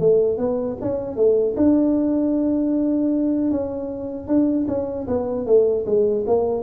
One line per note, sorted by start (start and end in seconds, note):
0.00 0.38 A3
0.38 0.77 B3
0.82 1.17 C#4
1.17 1.55 A3
1.57 3.51 D4
3.51 4.28 C#4
4.28 4.67 D4
4.68 5.07 C#4
5.08 5.46 B3
5.46 5.85 A3
5.86 6.25 G#3
6.27 6.63 A#3